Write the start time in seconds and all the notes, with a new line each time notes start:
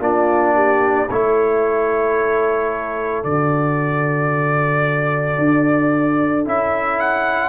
0.00 A#3 D4 F4 D5
0.56 G4
1.08 A3 E4 A4 C#5
3.24 D3 F#4 D5
5.39 D4
6.45 C#4 E4 E5
7.00 F#5